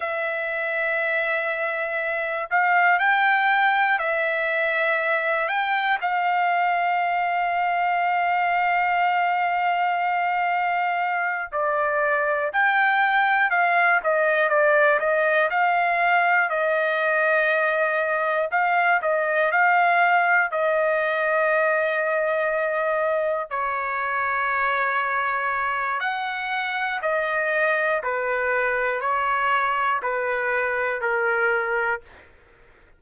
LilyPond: \new Staff \with { instrumentName = "trumpet" } { \time 4/4 \tempo 4 = 60 e''2~ e''8 f''8 g''4 | e''4. g''8 f''2~ | f''2.~ f''8 d''8~ | d''8 g''4 f''8 dis''8 d''8 dis''8 f''8~ |
f''8 dis''2 f''8 dis''8 f''8~ | f''8 dis''2. cis''8~ | cis''2 fis''4 dis''4 | b'4 cis''4 b'4 ais'4 | }